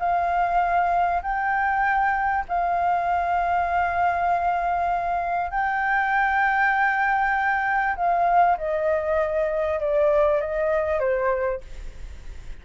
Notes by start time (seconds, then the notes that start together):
0.00 F5
1.23 G5
2.49 F5
5.51 G5
7.97 F5
8.58 D#5
9.80 D5
10.41 D#5
11.00 C5